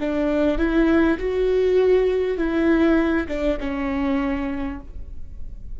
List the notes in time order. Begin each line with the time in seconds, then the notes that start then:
0.00 D4
0.58 E4
1.18 F#4
2.37 E4
3.28 D4
3.60 C#4